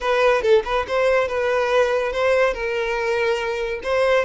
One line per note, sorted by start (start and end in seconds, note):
0.01 0.41 B4
0.41 0.63 A4
0.65 0.86 B4
0.87 1.28 C5
1.28 2.12 B4
2.12 2.53 C5
2.53 3.80 A#4
3.83 4.25 C5